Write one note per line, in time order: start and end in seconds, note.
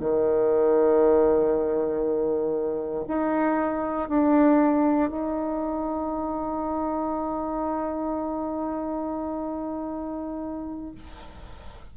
0.00 3.05 D#3
3.08 4.09 D#4
4.09 5.10 D4
5.10 10.95 D#4